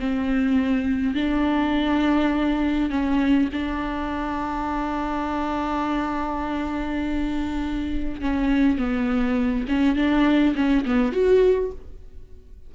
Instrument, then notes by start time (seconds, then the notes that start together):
viola
0.00 C4
1.15 D4
2.91 C#4
3.53 D4
8.21 C#4
8.78 B3
9.68 C#4
9.96 D4
10.56 C#4
10.86 B3
11.13 F#4